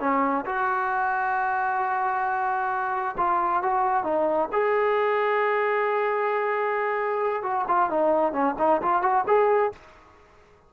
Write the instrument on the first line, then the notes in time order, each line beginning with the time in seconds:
trombone
0.00 C#4
0.45 F#4
3.17 F4
3.63 F#4
4.04 D#4
4.52 G#4
7.43 F#4
7.68 F4
7.90 D#4
8.33 C#4
8.59 D#4
8.82 F4
9.02 F#4
9.27 G#4